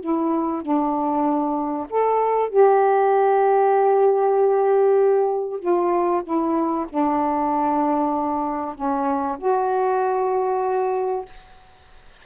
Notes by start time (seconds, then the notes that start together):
0.00 E4
0.62 D4
1.89 A4
2.49 G4
5.59 F4
6.23 E4
6.89 D4
8.74 C#4
9.38 F#4